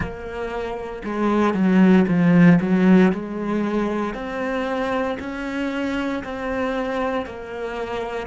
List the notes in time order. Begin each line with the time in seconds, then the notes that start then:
0.00 A#3
1.04 G#3
1.53 F#3
2.07 F3
2.61 F#3
3.11 G#3
4.14 C4
5.20 C#4
6.24 C4
7.26 A#3